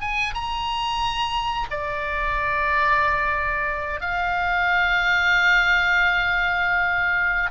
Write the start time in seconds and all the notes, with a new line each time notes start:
0.00 G#5
0.34 A#5
1.70 D5
4.00 F5